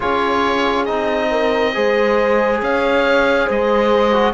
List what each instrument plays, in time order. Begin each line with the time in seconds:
0.00 cello C#4, trombone F4, horn G#4, oboe C#5
0.85 cello C4, trombone D#4, oboe D#5
1.30 horn A#4
1.73 cello G#3, trombone G#4, horn C5
2.61 cello C#4, horn C#5, oboe F5
3.45 cello G#3, horn C5, oboe D#5
4.12 trombone F#4